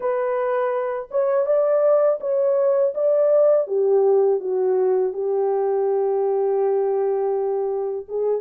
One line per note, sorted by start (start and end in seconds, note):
0.00 1.08 B4
1.10 1.46 C#5
1.46 2.19 D5
2.20 2.93 C#5
2.94 3.67 D5
3.67 4.40 G4
4.40 5.13 F#4
5.13 8.06 G4
8.08 8.41 G#4